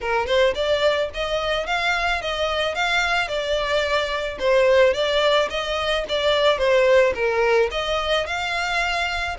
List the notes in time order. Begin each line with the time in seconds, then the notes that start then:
0.00 A#4
0.26 C5
0.54 D5
1.14 D#5
1.66 F5
2.21 D#5
2.74 F5
3.28 D5
4.39 C5
4.93 D5
5.49 D#5
6.09 D5
6.58 C5
7.14 A#4
7.71 D#5
8.26 F5